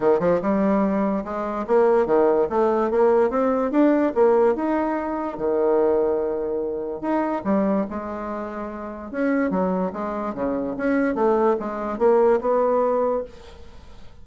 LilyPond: \new Staff \with { instrumentName = "bassoon" } { \time 4/4 \tempo 4 = 145 dis8 f8 g2 gis4 | ais4 dis4 a4 ais4 | c'4 d'4 ais4 dis'4~ | dis'4 dis2.~ |
dis4 dis'4 g4 gis4~ | gis2 cis'4 fis4 | gis4 cis4 cis'4 a4 | gis4 ais4 b2 | }